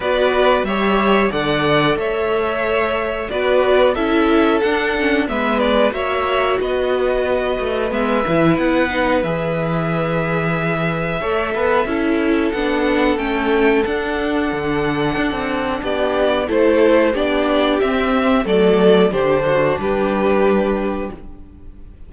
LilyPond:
<<
  \new Staff \with { instrumentName = "violin" } { \time 4/4 \tempo 4 = 91 d''4 e''4 fis''4 e''4~ | e''4 d''4 e''4 fis''4 | e''8 d''8 e''4 dis''2 | e''4 fis''4 e''2~ |
e''2. fis''4 | g''4 fis''2. | d''4 c''4 d''4 e''4 | d''4 c''4 b'2 | }
  \new Staff \with { instrumentName = "violin" } { \time 4/4 b'4 cis''4 d''4 cis''4~ | cis''4 b'4 a'2 | b'4 cis''4 b'2~ | b'1~ |
b'4 cis''8 b'8 a'2~ | a'1 | g'4 a'4 g'2 | a'4 g'8 fis'8 g'2 | }
  \new Staff \with { instrumentName = "viola" } { \time 4/4 fis'4 g'4 a'2~ | a'4 fis'4 e'4 d'8 cis'8 | b4 fis'2. | b8 e'4 dis'8 gis'2~ |
gis'4 a'4 e'4 d'4 | cis'4 d'2.~ | d'4 e'4 d'4 c'4 | a4 d'2. | }
  \new Staff \with { instrumentName = "cello" } { \time 4/4 b4 g4 d4 a4~ | a4 b4 cis'4 d'4 | gis4 ais4 b4. a8 | gis8 e8 b4 e2~ |
e4 a8 b8 cis'4 b4 | a4 d'4 d4 d'16 c'8. | b4 a4 b4 c'4 | fis4 d4 g2 | }
>>